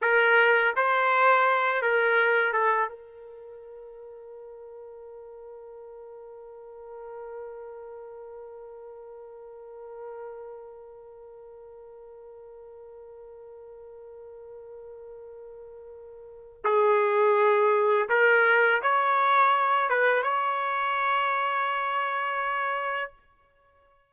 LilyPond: \new Staff \with { instrumentName = "trumpet" } { \time 4/4 \tempo 4 = 83 ais'4 c''4. ais'4 a'8 | ais'1~ | ais'1~ | ais'1~ |
ais'1~ | ais'2. gis'4~ | gis'4 ais'4 cis''4. b'8 | cis''1 | }